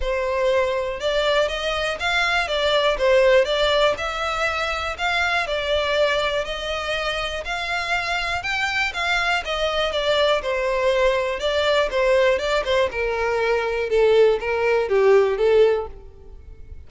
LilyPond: \new Staff \with { instrumentName = "violin" } { \time 4/4 \tempo 4 = 121 c''2 d''4 dis''4 | f''4 d''4 c''4 d''4 | e''2 f''4 d''4~ | d''4 dis''2 f''4~ |
f''4 g''4 f''4 dis''4 | d''4 c''2 d''4 | c''4 d''8 c''8 ais'2 | a'4 ais'4 g'4 a'4 | }